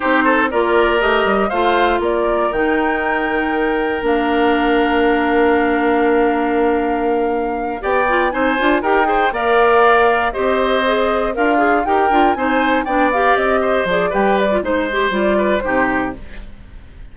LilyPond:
<<
  \new Staff \with { instrumentName = "flute" } { \time 4/4 \tempo 4 = 119 c''4 d''4 dis''4 f''4 | d''4 g''2. | f''1~ | f''2.~ f''8 g''8~ |
g''8 gis''4 g''4 f''4.~ | f''8 dis''2 f''4 g''8~ | g''8 gis''4 g''8 f''8 dis''4 d''8 | g''8 d''8 c''4 d''4 c''4 | }
  \new Staff \with { instrumentName = "oboe" } { \time 4/4 g'8 a'8 ais'2 c''4 | ais'1~ | ais'1~ | ais'2.~ ais'8 d''8~ |
d''8 c''4 ais'8 c''8 d''4.~ | d''8 c''2 f'4 ais'8~ | ais'8 c''4 d''4. c''4 | b'4 c''4. b'8 g'4 | }
  \new Staff \with { instrumentName = "clarinet" } { \time 4/4 dis'4 f'4 g'4 f'4~ | f'4 dis'2. | d'1~ | d'2.~ d'8 g'8 |
f'8 dis'8 f'8 g'8 gis'8 ais'4.~ | ais'8 g'4 gis'4 ais'8 gis'8 g'8 | f'8 dis'4 d'8 g'4. gis'8 | g'8. f'16 dis'8 g'8 f'4 dis'4 | }
  \new Staff \with { instrumentName = "bassoon" } { \time 4/4 c'4 ais4 a8 g8 a4 | ais4 dis2. | ais1~ | ais2.~ ais8 b8~ |
b8 c'8 d'8 dis'4 ais4.~ | ais8 c'2 d'4 dis'8 | d'8 c'4 b4 c'4 f8 | g4 gis4 g4 c4 | }
>>